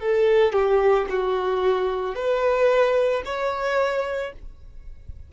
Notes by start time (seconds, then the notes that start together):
0.00 A4
0.53 G4
1.10 F#4
2.15 B4
3.25 C#5